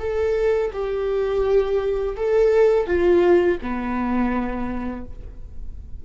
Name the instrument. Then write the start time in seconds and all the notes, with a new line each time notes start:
viola
0.00 A4
0.74 G4
2.17 A4
2.87 F4
3.62 B3